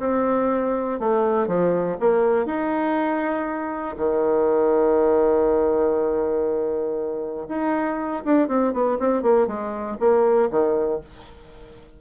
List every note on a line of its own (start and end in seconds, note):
0.00 1.00 C4
1.00 1.47 A3
1.47 1.97 F3
2.00 2.46 A#3
2.46 3.96 D#4
3.97 7.47 D#3
7.49 8.24 D#4
8.25 8.48 D4
8.48 8.73 C4
8.73 8.98 B3
9.00 9.22 C4
9.22 9.47 A#3
9.47 9.97 G#3
10.00 10.50 A#3
10.51 11.01 D#3